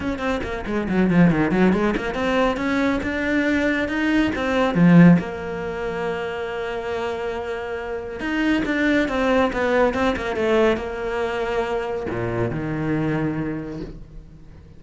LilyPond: \new Staff \with { instrumentName = "cello" } { \time 4/4 \tempo 4 = 139 cis'8 c'8 ais8 gis8 fis8 f8 dis8 fis8 | gis8 ais8 c'4 cis'4 d'4~ | d'4 dis'4 c'4 f4 | ais1~ |
ais2. dis'4 | d'4 c'4 b4 c'8 ais8 | a4 ais2. | ais,4 dis2. | }